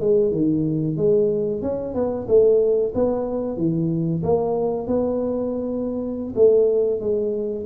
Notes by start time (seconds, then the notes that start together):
0.00 G#3
0.31 D#3
0.97 G#3
1.62 C#4
1.94 B3
2.28 A3
2.95 B3
3.58 E3
4.23 A#3
4.87 B3
6.36 A3
7.00 G#3